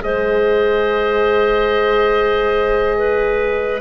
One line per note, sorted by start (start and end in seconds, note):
0.00 3.81 G#3
0.00 3.80 G#4
0.00 2.98 C5
0.00 3.81 D#5
2.98 3.81 B4